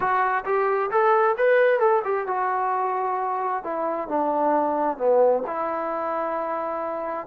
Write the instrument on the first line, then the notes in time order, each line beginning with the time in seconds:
trombone
0.00 F#4
0.45 G4
0.90 A4
1.37 B4
1.79 A4
2.04 G4
2.27 F#4
3.63 E4
4.08 D4
4.97 B3
5.46 E4